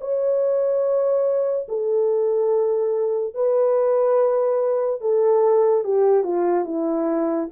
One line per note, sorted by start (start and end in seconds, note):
0.00 1.67 C#5
1.68 3.34 A4
3.34 5.00 B4
5.00 5.83 A4
5.83 6.23 G4
6.23 6.64 F4
6.64 7.48 E4